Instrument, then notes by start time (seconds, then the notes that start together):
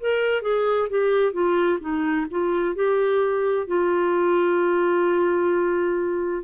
clarinet
0.00 A#4
0.42 G#4
0.89 G4
1.33 F4
1.80 D#4
2.31 F4
2.75 G4
3.67 F4